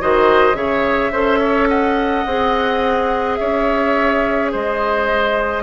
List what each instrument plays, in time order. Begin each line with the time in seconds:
0.00 bassoon D#3, clarinet F#4, oboe C5, flute D#5
0.54 bassoon C#3, clarinet G#4, oboe C#5, flute E5
1.11 bassoon C#4, clarinet A4, oboe C5
1.39 oboe C#5
1.68 oboe D#5, flute F#5
2.25 bassoon C4, clarinet G#4
3.35 bassoon C#4, oboe C#5, flute E5
4.51 bassoon G#3, oboe C5, flute D#5